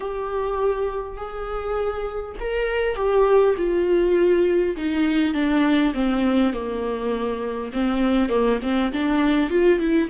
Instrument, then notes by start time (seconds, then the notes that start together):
viola
0.00 G4
1.16 G#4
2.40 A#4
2.95 G4
3.57 F4
4.77 D#4
5.34 D4
5.94 C4
6.53 A#3
7.73 C4
8.29 A#3
8.62 C4
8.92 D4
9.50 F4
9.79 E4